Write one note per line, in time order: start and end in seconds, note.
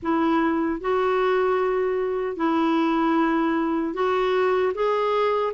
0.02 0.81 E4
0.81 2.36 F#4
2.36 3.93 E4
3.93 4.72 F#4
4.74 5.53 G#4